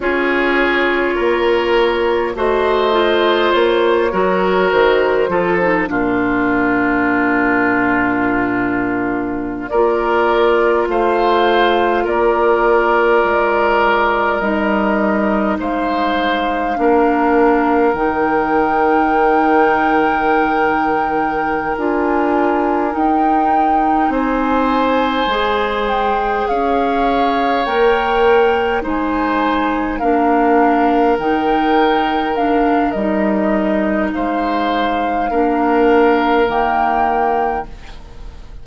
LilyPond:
<<
  \new Staff \with { instrumentName = "flute" } { \time 4/4 \tempo 4 = 51 cis''2 dis''4 cis''4 | c''4 ais'2.~ | ais'16 d''4 f''4 d''4.~ d''16~ | d''16 dis''4 f''2 g''8.~ |
g''2~ g''8 gis''4 g''8~ | g''8 gis''4. g''8 f''4 g''8~ | g''8 gis''4 f''4 g''4 f''8 | dis''4 f''2 g''4 | }
  \new Staff \with { instrumentName = "oboe" } { \time 4/4 gis'4 ais'4 c''4. ais'8~ | ais'8 a'8 f'2.~ | f'16 ais'4 c''4 ais'4.~ ais'16~ | ais'4~ ais'16 c''4 ais'4.~ ais'16~ |
ais'1~ | ais'8 c''2 cis''4.~ | cis''8 c''4 ais'2~ ais'8~ | ais'4 c''4 ais'2 | }
  \new Staff \with { instrumentName = "clarinet" } { \time 4/4 f'2 fis'8 f'4 fis'8~ | fis'8 f'16 dis'16 d'2.~ | d'16 f'2.~ f'8.~ | f'16 dis'2 d'4 dis'8.~ |
dis'2~ dis'8 f'4 dis'8~ | dis'4. gis'2 ais'8~ | ais'8 dis'4 d'4 dis'4 d'8 | dis'2 d'4 ais4 | }
  \new Staff \with { instrumentName = "bassoon" } { \time 4/4 cis'4 ais4 a4 ais8 fis8 | dis8 f8 ais,2.~ | ais,16 ais4 a4 ais4 gis8.~ | gis16 g4 gis4 ais4 dis8.~ |
dis2~ dis8 d'4 dis'8~ | dis'8 c'4 gis4 cis'4 ais8~ | ais8 gis4 ais4 dis4. | g4 gis4 ais4 dis4 | }
>>